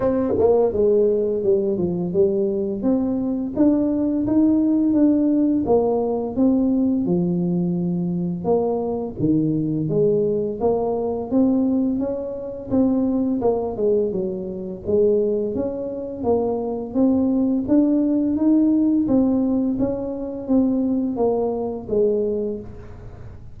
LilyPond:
\new Staff \with { instrumentName = "tuba" } { \time 4/4 \tempo 4 = 85 c'8 ais8 gis4 g8 f8 g4 | c'4 d'4 dis'4 d'4 | ais4 c'4 f2 | ais4 dis4 gis4 ais4 |
c'4 cis'4 c'4 ais8 gis8 | fis4 gis4 cis'4 ais4 | c'4 d'4 dis'4 c'4 | cis'4 c'4 ais4 gis4 | }